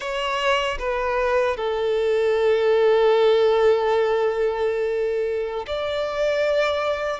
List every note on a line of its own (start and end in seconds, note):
0.00 0.78 C#5
0.78 1.56 B4
1.57 5.66 A4
5.66 7.20 D5